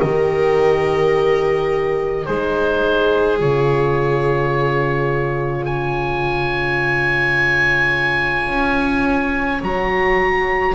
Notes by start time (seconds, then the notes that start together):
0.00 D#3 G4 A#4 D#5
2.25 G#3 D#4 G#4 C5
3.37 C#3 F4 C#5
5.66 C#5 G#5
8.49 C#4
9.62 F#3 F#4 A#5